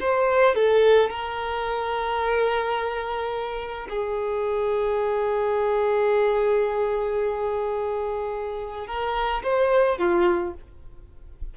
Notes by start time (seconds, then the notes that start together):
0.00 C5
0.55 A4
1.10 A#4
3.89 G#4
8.87 A#4
9.43 C5
9.98 F4